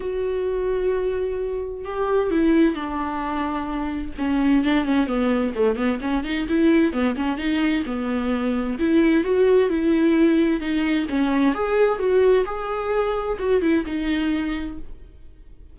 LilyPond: \new Staff \with { instrumentName = "viola" } { \time 4/4 \tempo 4 = 130 fis'1 | g'4 e'4 d'2~ | d'4 cis'4 d'8 cis'8 b4 | a8 b8 cis'8 dis'8 e'4 b8 cis'8 |
dis'4 b2 e'4 | fis'4 e'2 dis'4 | cis'4 gis'4 fis'4 gis'4~ | gis'4 fis'8 e'8 dis'2 | }